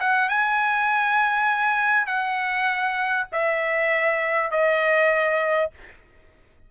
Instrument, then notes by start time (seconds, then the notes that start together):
trumpet
0.00 F#5
0.29 G#5
2.06 F#5
3.32 E5
4.51 D#5